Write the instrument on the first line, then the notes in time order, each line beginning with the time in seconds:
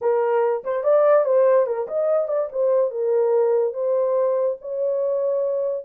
horn
0.01 A#4
0.64 C5
0.83 D5
1.24 C5
1.66 A#4
1.87 D#5
2.28 D5
2.52 C5
2.91 A#4
3.73 C5
4.61 C#5